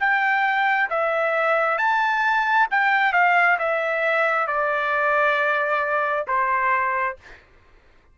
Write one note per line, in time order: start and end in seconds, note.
0.00 0.90 G5
0.90 1.78 E5
1.78 2.68 A5
2.71 3.13 G5
3.13 3.58 F5
3.59 4.47 E5
4.47 6.26 D5
6.27 7.17 C5